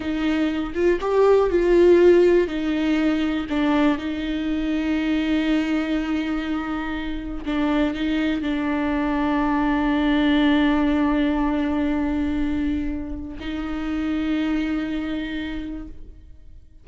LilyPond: \new Staff \with { instrumentName = "viola" } { \time 4/4 \tempo 4 = 121 dis'4. f'8 g'4 f'4~ | f'4 dis'2 d'4 | dis'1~ | dis'2. d'4 |
dis'4 d'2.~ | d'1~ | d'2. dis'4~ | dis'1 | }